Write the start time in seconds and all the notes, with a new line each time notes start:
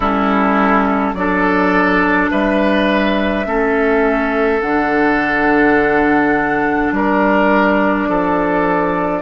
0.00 G3 C#4 E4 A4
1.13 F#3 D4 A4 D5
2.30 G3 B4 E5
3.45 A3 C#4 A4
4.61 D3 D4 F#5
6.91 G3 A#4 D5
8.07 F3 A4